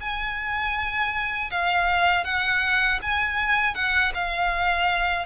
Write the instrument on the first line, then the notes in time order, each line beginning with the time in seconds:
violin
0.00 G#5
1.50 F5
2.24 F#5
3.02 G#5
3.74 F#5
4.14 F5